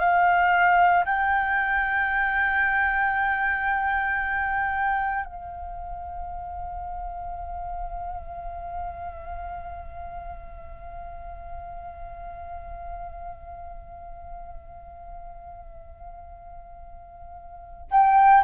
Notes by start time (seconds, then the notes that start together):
0.00 F5
1.06 G5
5.26 F5
17.91 G5